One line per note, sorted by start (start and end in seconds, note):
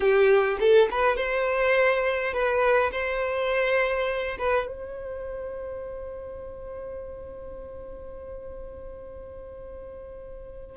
0.00 0.58 G4
0.59 0.88 A4
0.91 1.16 B4
1.16 2.33 C5
2.33 2.91 B4
2.91 4.37 C5
4.38 4.67 B4
4.67 10.76 C5